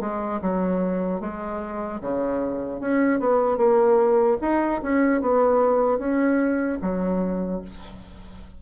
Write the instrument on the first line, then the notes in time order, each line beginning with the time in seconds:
bassoon
0.00 G#3
0.41 F#3
1.20 G#3
2.01 C#3
2.80 C#4
3.19 B3
3.57 A#3
4.41 D#4
4.82 C#4
5.21 B3
5.99 C#4
6.81 F#3